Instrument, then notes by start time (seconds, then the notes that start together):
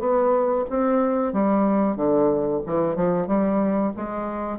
bassoon
0.00 B3
0.70 C4
1.33 G3
1.97 D3
2.67 E3
2.96 F3
3.28 G3
3.97 G#3